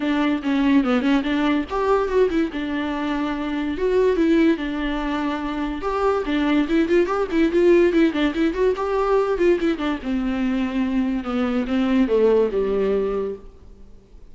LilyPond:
\new Staff \with { instrumentName = "viola" } { \time 4/4 \tempo 4 = 144 d'4 cis'4 b8 cis'8 d'4 | g'4 fis'8 e'8 d'2~ | d'4 fis'4 e'4 d'4~ | d'2 g'4 d'4 |
e'8 f'8 g'8 e'8 f'4 e'8 d'8 | e'8 fis'8 g'4. f'8 e'8 d'8 | c'2. b4 | c'4 a4 g2 | }